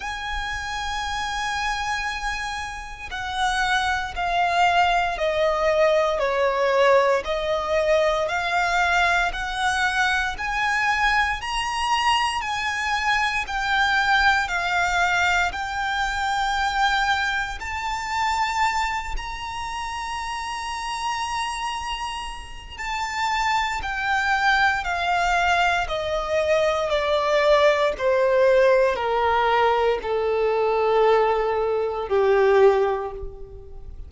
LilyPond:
\new Staff \with { instrumentName = "violin" } { \time 4/4 \tempo 4 = 58 gis''2. fis''4 | f''4 dis''4 cis''4 dis''4 | f''4 fis''4 gis''4 ais''4 | gis''4 g''4 f''4 g''4~ |
g''4 a''4. ais''4.~ | ais''2 a''4 g''4 | f''4 dis''4 d''4 c''4 | ais'4 a'2 g'4 | }